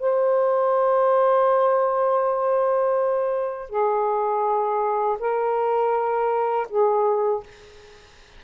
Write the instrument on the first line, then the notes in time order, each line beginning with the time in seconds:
saxophone
0.00 C5
3.70 G#4
5.20 A#4
6.70 G#4